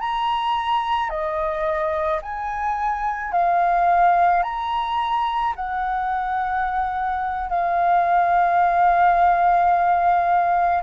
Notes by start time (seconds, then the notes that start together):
0.00 A#5
1.10 D#5
2.22 G#5
3.32 F5
4.43 A#5
5.56 F#5
7.49 F5